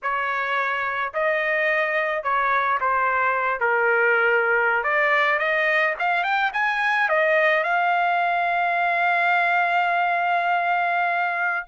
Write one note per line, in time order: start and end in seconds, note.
0.02 1.13 C#5
1.13 2.23 D#5
2.23 2.78 C#5
2.80 3.60 C5
3.60 4.83 A#4
4.83 5.38 D5
5.38 5.94 D#5
5.99 6.23 F5
6.23 6.51 G5
6.53 7.08 G#5
7.08 7.63 D#5
7.63 11.66 F5